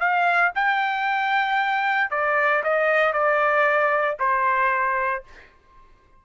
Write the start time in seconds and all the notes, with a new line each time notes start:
0.00 F5
0.55 G5
2.11 D5
2.64 D#5
3.13 D5
4.20 C5